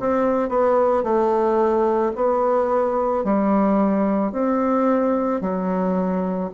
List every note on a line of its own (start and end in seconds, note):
0.00 0.49 C4
0.49 1.03 B3
1.03 2.12 A3
2.15 3.24 B3
3.24 4.32 G3
4.32 5.41 C4
5.41 6.50 F#3